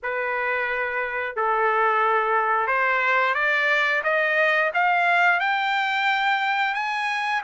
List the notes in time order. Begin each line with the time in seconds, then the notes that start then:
0.02 B4
1.35 A4
2.67 C5
3.34 D5
4.03 D#5
4.73 F5
5.40 G5
6.74 G#5